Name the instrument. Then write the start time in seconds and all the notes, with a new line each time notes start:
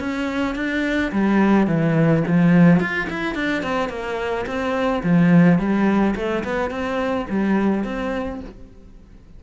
cello
0.00 C#4
0.56 D4
1.12 G3
1.67 E3
2.28 F3
2.80 F4
3.10 E4
3.35 D4
3.63 C4
3.90 A#3
4.47 C4
5.03 F3
5.59 G3
6.16 A3
6.44 B3
6.71 C4
7.30 G3
7.85 C4